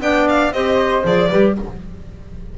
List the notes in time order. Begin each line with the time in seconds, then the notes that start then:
0.00 B3 D4 D5 G5
0.28 F5
0.51 C4 G4 C5 D#5
1.03 F3 G#4 D5
1.28 G3 G4 B4